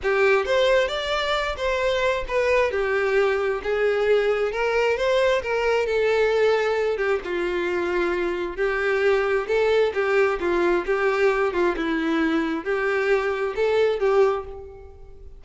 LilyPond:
\new Staff \with { instrumentName = "violin" } { \time 4/4 \tempo 4 = 133 g'4 c''4 d''4. c''8~ | c''4 b'4 g'2 | gis'2 ais'4 c''4 | ais'4 a'2~ a'8 g'8 |
f'2. g'4~ | g'4 a'4 g'4 f'4 | g'4. f'8 e'2 | g'2 a'4 g'4 | }